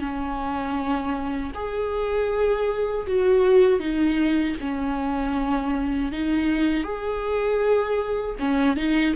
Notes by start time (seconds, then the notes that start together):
0.00 C#4
1.55 G#4
3.07 F#4
3.80 D#4
4.61 C#4
6.12 D#4
6.84 G#4
8.40 C#4
8.77 D#4